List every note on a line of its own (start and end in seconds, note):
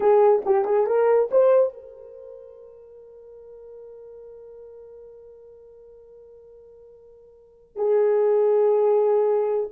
0.00 0.42 G#4
0.45 0.65 G4
0.65 0.86 G#4
0.86 1.29 A#4
1.31 1.73 C5
1.73 7.75 A#4
7.75 9.70 G#4